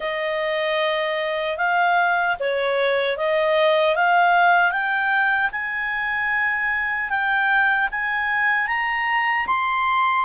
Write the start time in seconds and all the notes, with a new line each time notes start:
0.00 D#5
1.57 F5
2.39 C#5
3.17 D#5
3.95 F5
4.71 G5
5.51 G#5
7.09 G5
7.91 G#5
8.67 A#5
9.46 C6